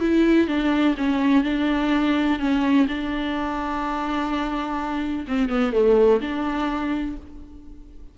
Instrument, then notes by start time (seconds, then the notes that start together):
viola
0.00 E4
0.47 D4
0.97 C#4
1.44 D4
2.39 C#4
2.88 D4
5.27 C4
5.49 B3
5.73 A3
6.21 D4